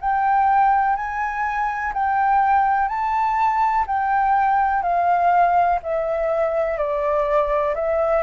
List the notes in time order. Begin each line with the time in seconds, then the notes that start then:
0.00 G5
0.96 G#5
1.94 G5
2.88 A5
3.87 G5
4.82 F5
5.83 E5
6.77 D5
7.75 E5